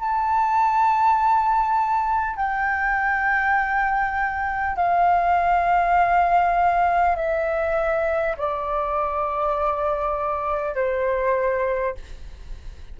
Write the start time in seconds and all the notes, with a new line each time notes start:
0.00 A5
2.36 G5
4.76 F5
7.16 E5
8.37 D5
10.75 C5